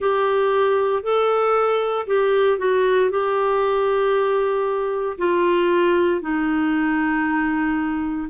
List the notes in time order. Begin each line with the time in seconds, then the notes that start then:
0.00 G4
1.03 A4
2.06 G4
2.58 F#4
3.10 G4
5.18 F4
6.21 D#4